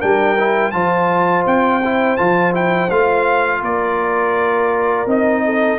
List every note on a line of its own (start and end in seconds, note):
0.00 0.74 G3
0.00 0.37 D4
0.00 0.72 A#4
0.00 0.72 G5
0.39 0.73 E4
0.72 1.46 F3
0.72 1.82 F4
0.72 3.63 C5
0.72 1.44 A5
1.47 2.19 C4
1.47 2.17 G5
1.85 2.18 E4
2.17 2.91 F3
2.17 2.53 F4
2.17 2.53 A5
2.53 2.89 E4
2.53 2.91 G5
2.91 3.63 A3
2.91 5.07 F4
2.91 3.63 F5
3.63 5.06 A#3
3.63 5.43 A#4
3.63 5.09 D5
5.06 5.79 C4
5.06 5.80 D#4
5.06 5.80 D#5
5.46 5.80 A4